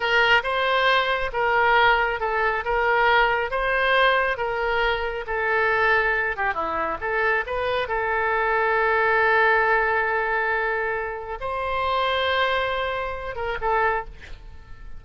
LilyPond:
\new Staff \with { instrumentName = "oboe" } { \time 4/4 \tempo 4 = 137 ais'4 c''2 ais'4~ | ais'4 a'4 ais'2 | c''2 ais'2 | a'2~ a'8 g'8 e'4 |
a'4 b'4 a'2~ | a'1~ | a'2 c''2~ | c''2~ c''8 ais'8 a'4 | }